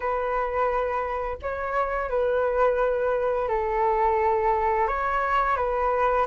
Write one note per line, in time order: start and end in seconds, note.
0.00 1.37 B4
1.41 2.09 C#5
2.09 3.48 B4
3.48 4.87 A4
4.87 5.56 C#5
5.56 6.26 B4